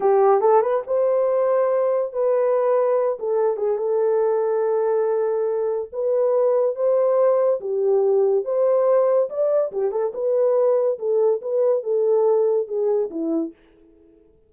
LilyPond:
\new Staff \with { instrumentName = "horn" } { \time 4/4 \tempo 4 = 142 g'4 a'8 b'8 c''2~ | c''4 b'2~ b'8 a'8~ | a'8 gis'8 a'2.~ | a'2 b'2 |
c''2 g'2 | c''2 d''4 g'8 a'8 | b'2 a'4 b'4 | a'2 gis'4 e'4 | }